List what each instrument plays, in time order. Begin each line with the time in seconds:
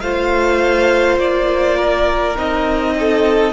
0.00 cello A3, viola F4, violin C5 F5
1.18 cello A#3, violin D5
1.77 violin A#4
2.35 cello C4, viola D#4, violin D#5
3.00 violin A4